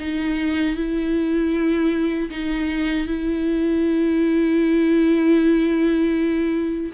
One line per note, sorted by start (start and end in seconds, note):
0.00 0.76 D#4
0.76 2.30 E4
2.31 3.08 D#4
3.08 6.92 E4